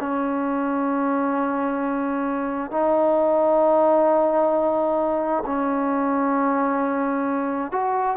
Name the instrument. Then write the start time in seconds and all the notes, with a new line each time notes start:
trombone
0.00 C#4
2.71 D#4
5.46 C#4
7.72 F#4